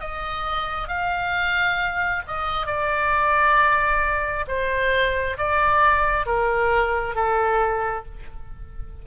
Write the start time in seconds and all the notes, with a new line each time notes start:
0.00 D#5
0.88 F5
2.27 D#5
2.66 D5
4.48 C5
5.37 D5
6.26 A#4
7.15 A4